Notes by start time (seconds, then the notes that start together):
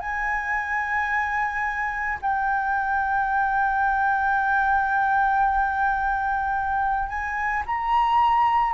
0.00 G#5
2.22 G5
7.09 G#5
7.66 A#5